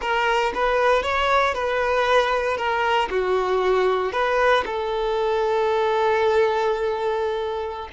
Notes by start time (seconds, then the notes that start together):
0.01 A#4
0.54 B4
1.02 C#5
1.54 B4
2.57 A#4
3.10 F#4
4.12 B4
4.65 A4